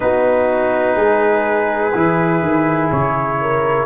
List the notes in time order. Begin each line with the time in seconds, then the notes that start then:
0.00 B3 D#4 F#4 B4
0.96 G#3 G#4
1.94 E3 E4
2.42 D#3
2.91 C#3 C#5
3.41 A#4